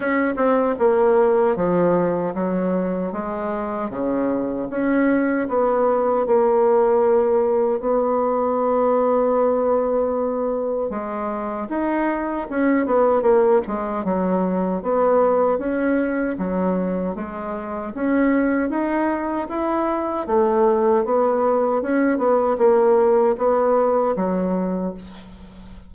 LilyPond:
\new Staff \with { instrumentName = "bassoon" } { \time 4/4 \tempo 4 = 77 cis'8 c'8 ais4 f4 fis4 | gis4 cis4 cis'4 b4 | ais2 b2~ | b2 gis4 dis'4 |
cis'8 b8 ais8 gis8 fis4 b4 | cis'4 fis4 gis4 cis'4 | dis'4 e'4 a4 b4 | cis'8 b8 ais4 b4 fis4 | }